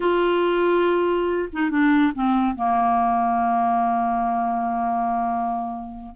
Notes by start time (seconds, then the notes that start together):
0.00 F4
1.52 D#4
1.70 D4
2.14 C4
2.55 A#3